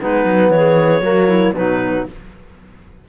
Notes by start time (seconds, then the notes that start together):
0.00 G#3 B3 D#4 B4
0.25 F#3
0.50 E3 G#4 C#5
1.01 F#3 A#3 F#4
1.27 E4
1.53 B2 F#3 D#4 B4